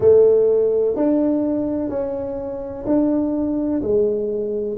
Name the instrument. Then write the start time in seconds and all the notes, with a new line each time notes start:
tuba
0.00 A3
0.95 D4
1.89 C#4
2.86 D4
3.81 G#3